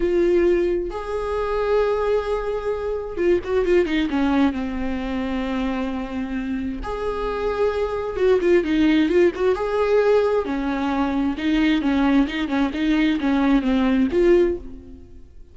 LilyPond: \new Staff \with { instrumentName = "viola" } { \time 4/4 \tempo 4 = 132 f'2 gis'2~ | gis'2. f'8 fis'8 | f'8 dis'8 cis'4 c'2~ | c'2. gis'4~ |
gis'2 fis'8 f'8 dis'4 | f'8 fis'8 gis'2 cis'4~ | cis'4 dis'4 cis'4 dis'8 cis'8 | dis'4 cis'4 c'4 f'4 | }